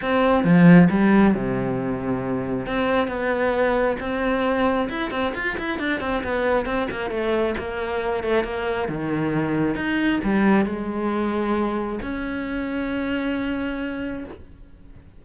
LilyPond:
\new Staff \with { instrumentName = "cello" } { \time 4/4 \tempo 4 = 135 c'4 f4 g4 c4~ | c2 c'4 b4~ | b4 c'2 e'8 c'8 | f'8 e'8 d'8 c'8 b4 c'8 ais8 |
a4 ais4. a8 ais4 | dis2 dis'4 g4 | gis2. cis'4~ | cis'1 | }